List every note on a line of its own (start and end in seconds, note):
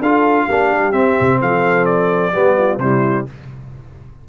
0.00 0.47 D4
0.00 0.50 F4
0.00 0.46 A4
0.00 0.92 F5
0.46 0.71 A#3
0.46 0.93 D4
0.46 1.39 G4
0.71 0.92 G3
0.92 1.16 C4
0.92 2.32 C4
0.92 1.38 E5
1.20 1.41 C3
1.41 2.34 F3
1.41 2.32 A4
1.41 1.85 F5
1.85 2.78 D5
2.32 2.78 G3
2.32 2.79 B3
2.32 2.56 G4
2.57 2.81 F4
2.78 3.24 C3
2.78 3.26 G3
2.78 3.28 E4
2.78 3.25 C5